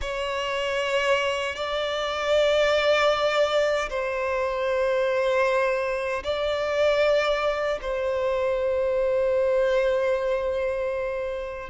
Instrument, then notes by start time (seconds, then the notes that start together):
violin
0.01 C#5
1.55 D5
3.89 C5
6.23 D5
7.81 C5